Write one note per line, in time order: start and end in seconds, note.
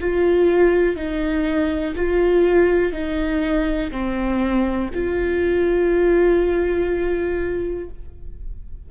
0.00 0.96 F4
0.96 1.94 D#4
1.96 2.92 F4
2.92 3.91 D#4
3.91 4.90 C4
4.94 7.89 F4